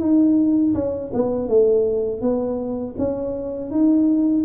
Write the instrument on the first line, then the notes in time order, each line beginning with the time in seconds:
tuba
0.00 D#4
0.75 C#4
1.14 B3
1.48 A3
2.21 B3
2.98 C#4
3.71 D#4